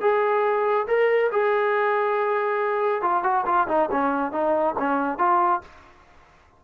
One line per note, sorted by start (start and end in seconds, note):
0.00 0.86 G#4
0.87 1.30 A#4
1.32 3.01 G#4
3.01 3.23 F4
3.23 3.44 F#4
3.45 3.67 F4
3.68 3.89 D#4
3.91 4.31 C#4
4.31 4.74 D#4
4.78 5.18 C#4
5.18 5.61 F4